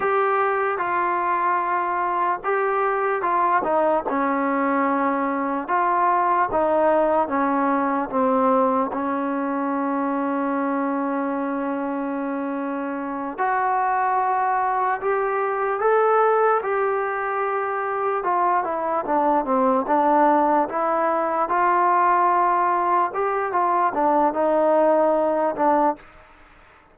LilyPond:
\new Staff \with { instrumentName = "trombone" } { \time 4/4 \tempo 4 = 74 g'4 f'2 g'4 | f'8 dis'8 cis'2 f'4 | dis'4 cis'4 c'4 cis'4~ | cis'1~ |
cis'8 fis'2 g'4 a'8~ | a'8 g'2 f'8 e'8 d'8 | c'8 d'4 e'4 f'4.~ | f'8 g'8 f'8 d'8 dis'4. d'8 | }